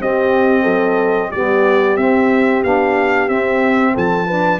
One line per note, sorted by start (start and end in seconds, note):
0.00 0.65 C4
0.00 1.32 C4
0.00 0.62 G4
0.00 1.31 D#5
0.62 1.31 F#3
0.62 1.28 A4
1.30 1.97 G3
1.30 1.98 B3
1.30 3.94 G4
1.30 1.97 D5
1.97 2.63 C4
1.97 2.64 C4
1.97 2.63 E5
2.64 3.28 B3
2.64 3.28 D4
2.64 3.29 F5
3.28 4.27 C4
3.28 3.94 C4
3.28 3.95 E5
3.94 4.60 F3
3.94 4.27 A4
3.94 4.60 A5
4.27 4.60 D4
4.27 4.60 B4